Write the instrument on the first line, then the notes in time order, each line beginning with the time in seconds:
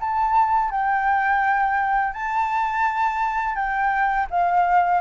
flute
0.00 A5
0.70 G5
2.13 A5
3.55 G5
4.30 F5